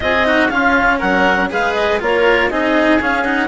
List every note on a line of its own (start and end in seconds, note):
0.00 0.51 C4
0.00 0.24 F4
0.00 0.26 G#4
0.00 0.49 D#5
0.24 0.49 D#4
0.24 0.51 F#4
0.49 1.50 C#4
0.49 1.01 C#4
0.49 0.98 F4
0.49 0.99 F5
0.98 1.51 F#3
0.98 1.48 A#4
0.98 1.50 F#5
1.50 2.01 G#3
1.50 2.00 G#4
1.50 2.01 B4
1.50 1.73 F5
1.73 1.98 D#5
2.00 2.50 A#3
2.00 2.50 F4
2.00 2.49 A#4
2.00 2.50 C#5
2.49 3.00 C4
2.49 3.00 D#4
2.49 3.48 G#4
2.49 3.00 D#5
3.00 3.24 C#4
3.00 3.48 C#4
3.00 3.23 F5
3.23 3.48 D#4
3.23 3.48 F#5